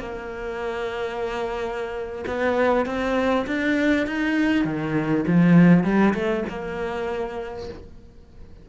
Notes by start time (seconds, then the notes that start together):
0.00 A#3
2.27 B3
2.86 C4
3.47 D4
4.07 D#4
4.65 D#3
5.27 F3
5.84 G3
6.14 A3
6.49 A#3